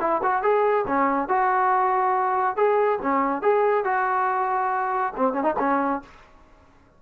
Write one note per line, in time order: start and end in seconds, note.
0.00 0.21 E4
0.23 0.42 F#4
0.42 0.85 G#4
0.87 1.29 C#4
1.29 2.56 F#4
2.56 2.99 G#4
3.02 3.42 C#4
3.42 3.85 G#4
3.85 5.13 F#4
5.16 5.33 C4
5.33 5.43 C#4
5.43 5.54 D#4
5.59 6.02 C#4